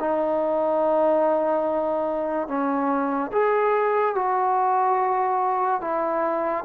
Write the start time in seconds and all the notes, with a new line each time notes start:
0.00 D#4
2.48 C#4
3.32 G#4
4.15 F#4
5.81 E4